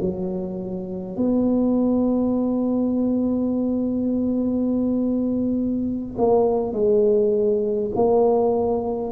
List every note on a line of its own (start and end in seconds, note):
0.00 1.16 F#3
1.16 6.16 B3
6.18 6.73 A#3
6.73 7.90 G#3
7.95 9.12 A#3